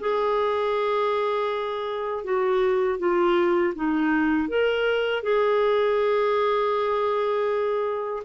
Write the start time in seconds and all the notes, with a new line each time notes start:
0.00 G#4
2.24 F#4
2.99 F4
3.75 D#4
4.48 A#4
5.23 G#4